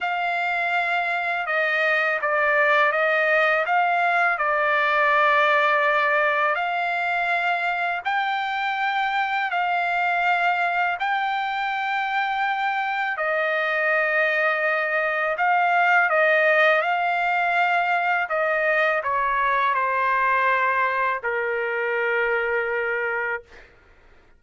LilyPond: \new Staff \with { instrumentName = "trumpet" } { \time 4/4 \tempo 4 = 82 f''2 dis''4 d''4 | dis''4 f''4 d''2~ | d''4 f''2 g''4~ | g''4 f''2 g''4~ |
g''2 dis''2~ | dis''4 f''4 dis''4 f''4~ | f''4 dis''4 cis''4 c''4~ | c''4 ais'2. | }